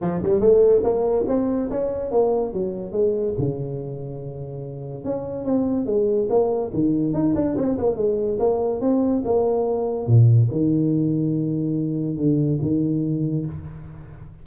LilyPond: \new Staff \with { instrumentName = "tuba" } { \time 4/4 \tempo 4 = 143 f8 g8 a4 ais4 c'4 | cis'4 ais4 fis4 gis4 | cis1 | cis'4 c'4 gis4 ais4 |
dis4 dis'8 d'8 c'8 ais8 gis4 | ais4 c'4 ais2 | ais,4 dis2.~ | dis4 d4 dis2 | }